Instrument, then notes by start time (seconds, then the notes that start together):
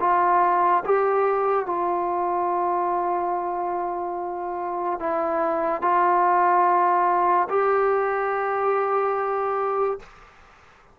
trombone
0.00 F4
0.84 G4
1.66 F4
4.99 E4
5.81 F4
7.49 G4